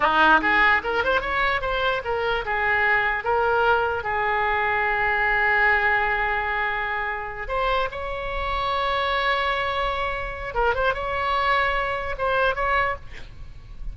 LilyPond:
\new Staff \with { instrumentName = "oboe" } { \time 4/4 \tempo 4 = 148 dis'4 gis'4 ais'8 c''8 cis''4 | c''4 ais'4 gis'2 | ais'2 gis'2~ | gis'1~ |
gis'2~ gis'8 c''4 cis''8~ | cis''1~ | cis''2 ais'8 c''8 cis''4~ | cis''2 c''4 cis''4 | }